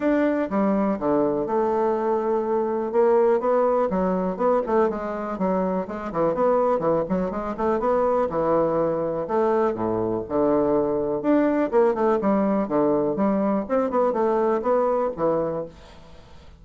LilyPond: \new Staff \with { instrumentName = "bassoon" } { \time 4/4 \tempo 4 = 123 d'4 g4 d4 a4~ | a2 ais4 b4 | fis4 b8 a8 gis4 fis4 | gis8 e8 b4 e8 fis8 gis8 a8 |
b4 e2 a4 | a,4 d2 d'4 | ais8 a8 g4 d4 g4 | c'8 b8 a4 b4 e4 | }